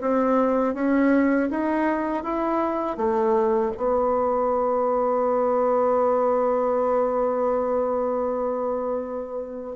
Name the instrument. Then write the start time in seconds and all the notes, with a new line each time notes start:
bassoon
0.00 C4
0.74 C#4
1.50 D#4
2.23 E4
2.97 A3
3.76 B3